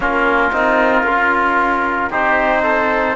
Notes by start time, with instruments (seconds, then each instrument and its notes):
0.00 cello A#3, trombone C#4, oboe F4, trumpet A#4
0.52 cello C4, trombone D#4
1.03 cello C#4, trombone F4
2.10 cello C4, trombone D#4, oboe G4, trumpet C5
2.62 oboe A4